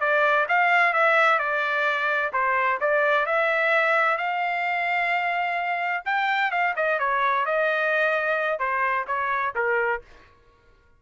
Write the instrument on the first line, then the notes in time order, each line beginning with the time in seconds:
trumpet
0.00 D5
0.49 F5
0.93 E5
1.39 D5
2.33 C5
2.81 D5
3.26 E5
4.18 F5
6.05 G5
6.51 F5
6.76 D#5
7.00 C#5
7.46 D#5
8.59 C5
9.08 C#5
9.55 A#4